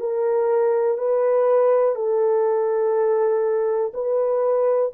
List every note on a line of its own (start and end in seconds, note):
0.00 0.98 A#4
0.98 1.95 B4
1.95 3.92 A4
3.94 4.92 B4